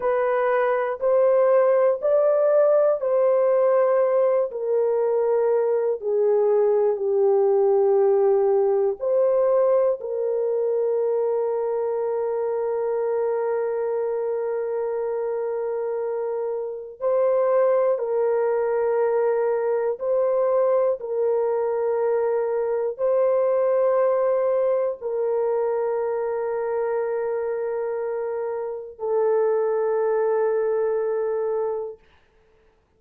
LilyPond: \new Staff \with { instrumentName = "horn" } { \time 4/4 \tempo 4 = 60 b'4 c''4 d''4 c''4~ | c''8 ais'4. gis'4 g'4~ | g'4 c''4 ais'2~ | ais'1~ |
ais'4 c''4 ais'2 | c''4 ais'2 c''4~ | c''4 ais'2.~ | ais'4 a'2. | }